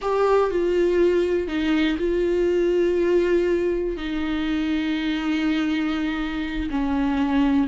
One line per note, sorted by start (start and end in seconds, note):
0.01 0.50 G4
0.50 1.47 F4
1.47 1.97 D#4
1.98 3.96 F4
3.96 6.69 D#4
6.70 7.67 C#4